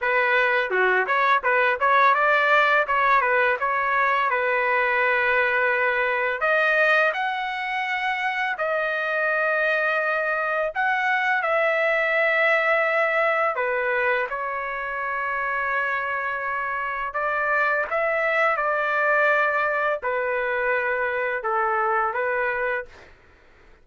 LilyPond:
\new Staff \with { instrumentName = "trumpet" } { \time 4/4 \tempo 4 = 84 b'4 fis'8 cis''8 b'8 cis''8 d''4 | cis''8 b'8 cis''4 b'2~ | b'4 dis''4 fis''2 | dis''2. fis''4 |
e''2. b'4 | cis''1 | d''4 e''4 d''2 | b'2 a'4 b'4 | }